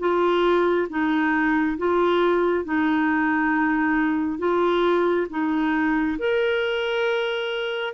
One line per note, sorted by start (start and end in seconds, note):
0.00 0.88 F4
0.90 1.78 D#4
1.78 2.65 F4
2.65 4.39 D#4
4.39 5.27 F4
5.30 6.18 D#4
6.19 7.94 A#4